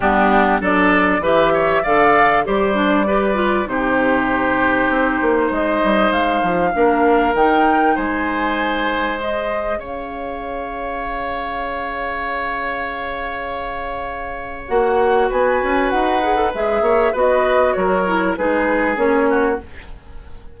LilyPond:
<<
  \new Staff \with { instrumentName = "flute" } { \time 4/4 \tempo 4 = 98 g'4 d''4 e''4 f''4 | d''2 c''2~ | c''4 dis''4 f''2 | g''4 gis''2 dis''4 |
f''1~ | f''1 | fis''4 gis''4 fis''4 e''4 | dis''4 cis''4 b'4 cis''4 | }
  \new Staff \with { instrumentName = "oboe" } { \time 4/4 d'4 a'4 b'8 cis''8 d''4 | c''4 b'4 g'2~ | g'4 c''2 ais'4~ | ais'4 c''2. |
cis''1~ | cis''1~ | cis''4 b'2~ b'8 cis''8 | b'4 ais'4 gis'4. fis'8 | }
  \new Staff \with { instrumentName = "clarinet" } { \time 4/4 b4 d'4 g'4 a'4 | g'8 d'8 g'8 f'8 dis'2~ | dis'2. d'4 | dis'2. gis'4~ |
gis'1~ | gis'1 | fis'2~ fis'8 gis'16 a'16 gis'4 | fis'4. e'8 dis'4 cis'4 | }
  \new Staff \with { instrumentName = "bassoon" } { \time 4/4 g4 fis4 e4 d4 | g2 c2 | c'8 ais8 gis8 g8 gis8 f8 ais4 | dis4 gis2. |
cis'1~ | cis'1 | ais4 b8 cis'8 dis'4 gis8 ais8 | b4 fis4 gis4 ais4 | }
>>